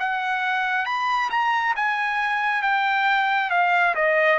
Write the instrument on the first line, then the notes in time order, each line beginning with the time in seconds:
trumpet
0.00 F#5
0.86 B5
1.31 A#5
1.76 G#5
2.63 G5
3.51 F5
3.95 D#5